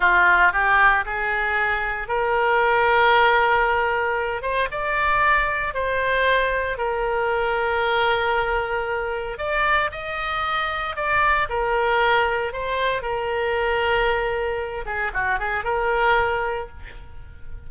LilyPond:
\new Staff \with { instrumentName = "oboe" } { \time 4/4 \tempo 4 = 115 f'4 g'4 gis'2 | ais'1~ | ais'8 c''8 d''2 c''4~ | c''4 ais'2.~ |
ais'2 d''4 dis''4~ | dis''4 d''4 ais'2 | c''4 ais'2.~ | ais'8 gis'8 fis'8 gis'8 ais'2 | }